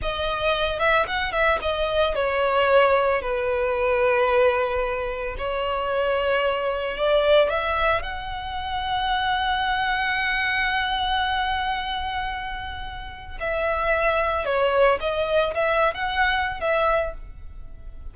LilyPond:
\new Staff \with { instrumentName = "violin" } { \time 4/4 \tempo 4 = 112 dis''4. e''8 fis''8 e''8 dis''4 | cis''2 b'2~ | b'2 cis''2~ | cis''4 d''4 e''4 fis''4~ |
fis''1~ | fis''1~ | fis''4 e''2 cis''4 | dis''4 e''8. fis''4~ fis''16 e''4 | }